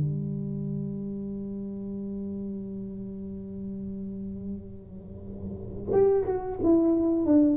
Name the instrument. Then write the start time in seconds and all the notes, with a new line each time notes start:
tuba
0.00 G3
5.93 G4
6.26 F#4
6.64 E4
7.26 D4